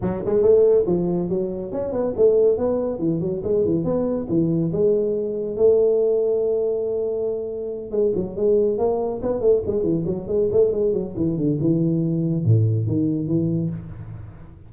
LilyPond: \new Staff \with { instrumentName = "tuba" } { \time 4/4 \tempo 4 = 140 fis8 gis8 a4 f4 fis4 | cis'8 b8 a4 b4 e8 fis8 | gis8 e8 b4 e4 gis4~ | gis4 a2.~ |
a2~ a8 gis8 fis8 gis8~ | gis8 ais4 b8 a8 gis8 e8 fis8 | gis8 a8 gis8 fis8 e8 d8 e4~ | e4 a,4 dis4 e4 | }